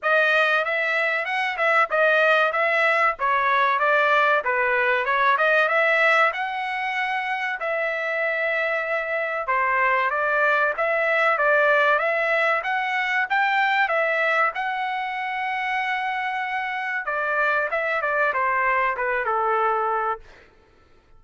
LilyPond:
\new Staff \with { instrumentName = "trumpet" } { \time 4/4 \tempo 4 = 95 dis''4 e''4 fis''8 e''8 dis''4 | e''4 cis''4 d''4 b'4 | cis''8 dis''8 e''4 fis''2 | e''2. c''4 |
d''4 e''4 d''4 e''4 | fis''4 g''4 e''4 fis''4~ | fis''2. d''4 | e''8 d''8 c''4 b'8 a'4. | }